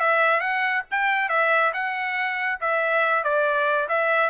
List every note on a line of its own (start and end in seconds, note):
0.00 0.40 E5
0.40 0.83 F#5
0.91 1.29 G5
1.29 1.72 E5
1.73 2.59 F#5
2.60 3.24 E5
3.24 3.88 D5
3.89 4.30 E5